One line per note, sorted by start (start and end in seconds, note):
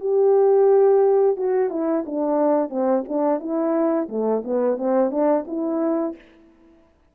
0.00 1.36 G4
1.36 1.70 F#4
1.70 2.04 E4
2.06 2.69 D4
2.69 3.03 C4
3.08 3.39 D4
3.39 4.08 E4
4.08 4.43 A3
4.44 4.77 B3
4.77 5.10 C4
5.10 5.45 D4
5.47 6.15 E4